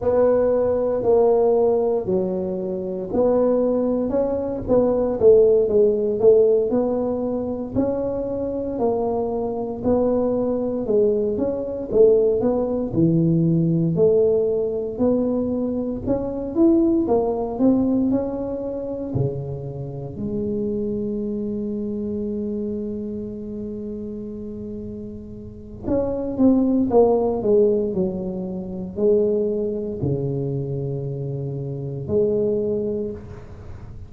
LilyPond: \new Staff \with { instrumentName = "tuba" } { \time 4/4 \tempo 4 = 58 b4 ais4 fis4 b4 | cis'8 b8 a8 gis8 a8 b4 cis'8~ | cis'8 ais4 b4 gis8 cis'8 a8 | b8 e4 a4 b4 cis'8 |
e'8 ais8 c'8 cis'4 cis4 gis8~ | gis1~ | gis4 cis'8 c'8 ais8 gis8 fis4 | gis4 cis2 gis4 | }